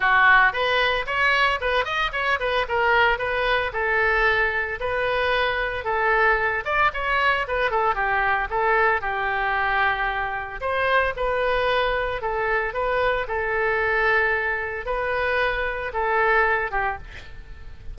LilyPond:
\new Staff \with { instrumentName = "oboe" } { \time 4/4 \tempo 4 = 113 fis'4 b'4 cis''4 b'8 dis''8 | cis''8 b'8 ais'4 b'4 a'4~ | a'4 b'2 a'4~ | a'8 d''8 cis''4 b'8 a'8 g'4 |
a'4 g'2. | c''4 b'2 a'4 | b'4 a'2. | b'2 a'4. g'8 | }